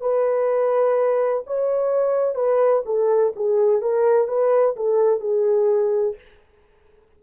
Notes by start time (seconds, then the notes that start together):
0.00 B4
1.46 C#5
2.35 B4
2.85 A4
3.35 G#4
3.81 A#4
4.28 B4
4.76 A4
5.19 G#4